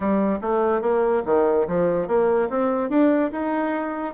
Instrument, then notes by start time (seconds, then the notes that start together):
bassoon
0.00 G3
0.41 A3
0.81 A#3
1.25 D#3
1.67 F3
2.07 A#3
2.49 C4
2.89 D4
3.31 D#4